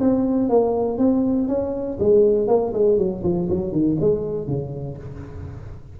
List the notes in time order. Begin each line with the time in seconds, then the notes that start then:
0.00 C4
0.49 A#3
0.98 C4
1.48 C#4
1.99 G#3
2.48 A#3
2.73 G#3
2.98 F#3
3.23 F3
3.49 F#3
3.72 D#3
4.00 G#3
4.47 C#3